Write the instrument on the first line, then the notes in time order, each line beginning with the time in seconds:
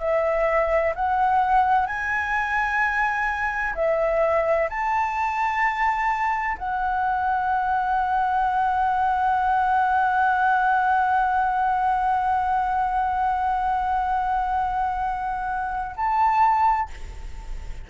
flute
0.00 E5
0.95 F#5
1.87 G#5
3.75 E5
4.70 A5
6.58 F#5
15.97 A5